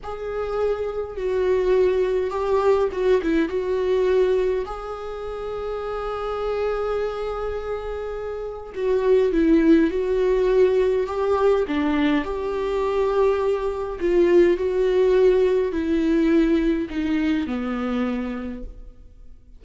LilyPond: \new Staff \with { instrumentName = "viola" } { \time 4/4 \tempo 4 = 103 gis'2 fis'2 | g'4 fis'8 e'8 fis'2 | gis'1~ | gis'2. fis'4 |
e'4 fis'2 g'4 | d'4 g'2. | f'4 fis'2 e'4~ | e'4 dis'4 b2 | }